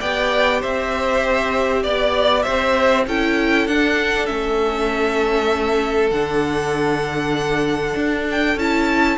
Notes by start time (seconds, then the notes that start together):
0.00 B3 G4 D5 G5
0.60 C4 C5 E5
1.84 B3 D5
2.43 C4 C5 E5
3.07 C#4 E4 A4 G5
3.68 D4 F#5
4.27 A3 C#4 E5
6.11 D3 D4 F#5
7.96 D4
8.31 G5
8.56 C#4 E4 A5